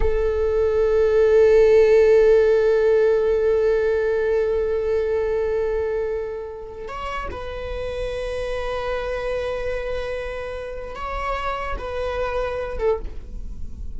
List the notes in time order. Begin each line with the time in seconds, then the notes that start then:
0.00 A4
6.88 C#5
7.30 B4
10.95 C#5
11.78 B4
12.78 A4